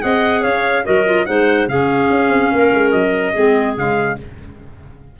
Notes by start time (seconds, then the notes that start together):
0.00 C4 G#4 D#5 F#5
0.41 C#4 C#5 F5
0.84 F#3 F#4 A#4 D#5
1.06 F4
1.26 G#3 D#4 C5 F#5
1.68 C#3 C#4 G#4 F5
2.10 C#4
2.28 C4
2.52 A#3 A#4
2.73 G#3
2.91 F#3 D#5
3.33 G#3 C4 G#4
3.76 C#3 G#3 F5